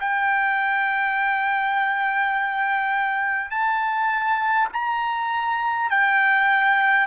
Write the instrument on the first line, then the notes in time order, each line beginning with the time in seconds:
trumpet
0.00 G5
3.50 A5
4.73 A#5
5.90 G5